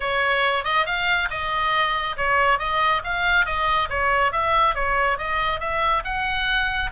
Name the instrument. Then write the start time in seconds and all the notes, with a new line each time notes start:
oboe
0.00 C#5
0.64 D#5
0.85 F5
1.30 D#5
2.16 C#5
2.58 D#5
3.04 F5
3.45 D#5
3.89 C#5
4.32 E5
4.75 C#5
5.18 D#5
5.60 E5
6.04 F#5